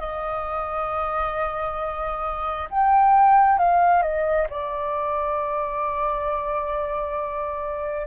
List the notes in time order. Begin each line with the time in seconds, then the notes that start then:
0.00 D#5
2.71 G5
3.59 F5
4.03 D#5
4.50 D5